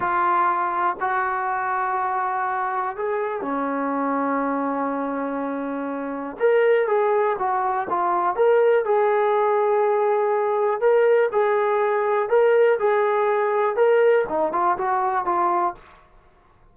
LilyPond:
\new Staff \with { instrumentName = "trombone" } { \time 4/4 \tempo 4 = 122 f'2 fis'2~ | fis'2 gis'4 cis'4~ | cis'1~ | cis'4 ais'4 gis'4 fis'4 |
f'4 ais'4 gis'2~ | gis'2 ais'4 gis'4~ | gis'4 ais'4 gis'2 | ais'4 dis'8 f'8 fis'4 f'4 | }